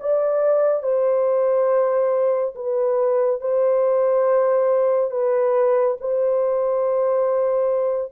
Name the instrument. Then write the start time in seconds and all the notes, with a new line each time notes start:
horn
0.00 D5
0.83 C5
2.56 B4
3.41 C5
5.11 B4
6.00 C5